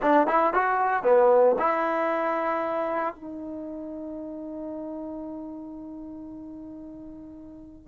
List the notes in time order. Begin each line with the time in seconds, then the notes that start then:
0.02 D4
0.27 E4
0.53 F#4
1.03 B3
1.58 E4
3.15 D#4